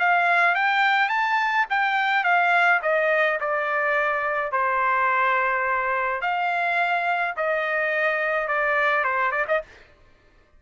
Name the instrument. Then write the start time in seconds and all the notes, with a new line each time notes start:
trumpet
0.00 F5
0.56 G5
1.10 A5
1.70 G5
2.24 F5
2.83 D#5
3.41 D5
4.53 C5
6.22 F5
7.37 D#5
8.48 D5
9.05 C5
9.32 D5
9.48 D#5